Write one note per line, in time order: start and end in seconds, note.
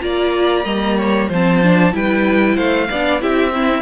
0.00 0.64 A#3
0.00 0.64 F4
0.00 0.64 D5
0.00 1.29 A#5
0.64 1.28 G3
0.64 1.29 A#3
0.64 0.96 D#5
0.97 1.28 C#5
1.28 1.93 F3
1.28 1.63 C4
1.28 1.92 C5
1.28 1.95 A5
1.63 1.91 D4
1.91 2.56 G3
1.91 2.87 E4
1.91 2.55 B4
1.91 2.56 G5
2.55 2.89 A3
2.55 2.87 C5
2.55 3.20 F5
2.89 3.22 B3
2.89 3.20 D4
2.89 3.21 D5
3.20 3.82 C4
3.20 3.52 E4
3.20 3.53 G4
3.20 3.82 E5
3.52 3.82 C4
3.52 3.82 E4